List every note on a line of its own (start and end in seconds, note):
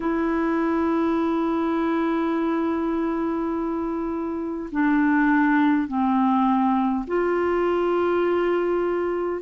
0.00 4.70 E4
4.71 5.87 D4
5.87 7.05 C4
7.07 9.42 F4